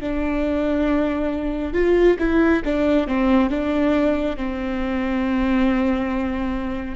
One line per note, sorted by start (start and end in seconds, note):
0.00 1.73 D4
1.73 2.17 F4
2.19 2.62 E4
2.64 3.07 D4
3.07 3.49 C4
3.49 4.36 D4
4.36 6.95 C4